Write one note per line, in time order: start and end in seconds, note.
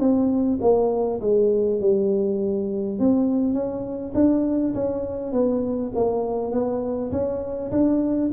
0.00 0.59 C4
0.62 1.21 A#3
1.21 1.81 G#3
1.81 2.99 G3
2.99 3.54 C4
3.54 4.13 C#4
4.15 4.74 D4
4.75 5.33 C#4
5.33 5.92 B3
5.95 6.52 A#3
6.52 7.12 B3
7.12 7.71 C#4
7.71 8.31 D4